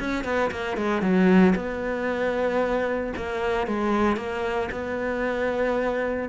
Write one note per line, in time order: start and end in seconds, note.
0.00 0.25 C#4
0.25 0.51 B3
0.51 0.78 A#3
0.78 1.02 G#3
1.02 1.55 F#3
1.56 3.14 B3
3.17 3.67 A#3
3.67 4.17 G#3
4.17 4.70 A#3
4.72 6.29 B3